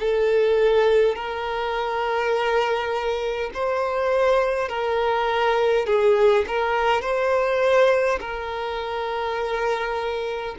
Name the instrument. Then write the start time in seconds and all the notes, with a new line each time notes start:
violin
0.00 A4
1.16 A#4
3.55 C5
4.69 A#4
5.87 G#4
6.48 A#4
7.02 C5
8.21 A#4